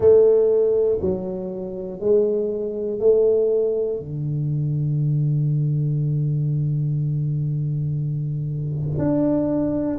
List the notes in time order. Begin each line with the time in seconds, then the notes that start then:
0.00 A3
1.00 F#3
2.00 G#3
2.99 A3
4.00 D3
8.98 D4